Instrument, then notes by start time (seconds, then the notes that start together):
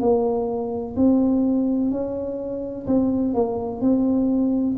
tuba
0.00 A#3
0.96 C4
1.90 C#4
2.86 C4
3.34 A#3
3.81 C4